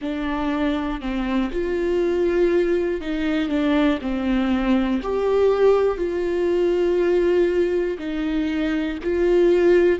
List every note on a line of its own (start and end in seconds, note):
0.01 1.00 D4
1.00 1.50 C4
1.51 3.00 F4
3.00 3.49 D#4
3.49 3.99 D4
4.00 5.00 C4
5.02 5.97 G4
5.97 7.97 F4
7.98 8.98 D#4
9.03 9.99 F4